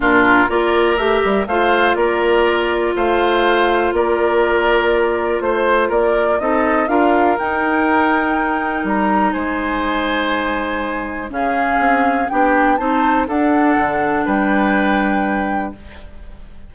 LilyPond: <<
  \new Staff \with { instrumentName = "flute" } { \time 4/4 \tempo 4 = 122 ais'4 d''4 e''4 f''4 | d''2 f''2 | d''2. c''4 | d''4 dis''4 f''4 g''4~ |
g''2 ais''4 gis''4~ | gis''2. f''4~ | f''4 g''4 a''4 fis''4~ | fis''4 g''2. | }
  \new Staff \with { instrumentName = "oboe" } { \time 4/4 f'4 ais'2 c''4 | ais'2 c''2 | ais'2. c''4 | ais'4 a'4 ais'2~ |
ais'2. c''4~ | c''2. gis'4~ | gis'4 g'4 c''4 a'4~ | a'4 b'2. | }
  \new Staff \with { instrumentName = "clarinet" } { \time 4/4 d'4 f'4 g'4 f'4~ | f'1~ | f'1~ | f'4 dis'4 f'4 dis'4~ |
dis'1~ | dis'2. cis'4~ | cis'4 d'4 dis'4 d'4~ | d'1 | }
  \new Staff \with { instrumentName = "bassoon" } { \time 4/4 ais,4 ais4 a8 g8 a4 | ais2 a2 | ais2. a4 | ais4 c'4 d'4 dis'4~ |
dis'2 g4 gis4~ | gis2. cis4 | c'4 b4 c'4 d'4 | d4 g2. | }
>>